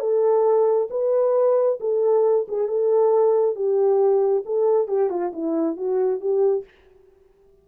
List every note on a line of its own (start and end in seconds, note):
0.00 0.88 A4
0.90 1.78 B4
1.80 2.46 A4
2.48 2.68 G#4
2.68 3.55 A4
3.55 4.44 G4
4.45 4.88 A4
4.88 5.10 G4
5.10 5.32 F4
5.33 5.77 E4
5.77 6.21 F#4
6.21 6.65 G4